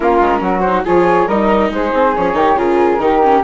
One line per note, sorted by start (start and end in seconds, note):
0.00 0.20 A#3
0.00 0.63 C#4
0.00 0.39 F4
0.00 0.60 A#4
0.20 0.40 G#3
0.40 0.83 F#3
0.40 0.84 F#4
0.60 0.82 C5
0.67 0.84 D#4
0.84 1.27 F3
0.84 1.27 F4
0.84 1.27 G#4
0.84 1.28 C#5
1.27 1.70 G3
1.27 2.15 D#4
1.27 1.70 A#4
1.27 1.71 D#5
1.70 1.92 G#3
1.70 2.37 G#4
1.70 2.16 C5
1.93 2.15 C4
2.16 2.33 F3
2.16 2.34 C#4
2.16 2.57 C#5
2.33 2.55 D#3
2.33 2.55 D#4
2.33 2.57 G4
2.55 2.98 C#3
2.55 2.99 F4
2.55 3.00 G#4
2.55 3.43 A#4
2.98 3.40 D#3
2.98 3.22 D#4
2.98 3.44 G4
3.22 3.44 C#4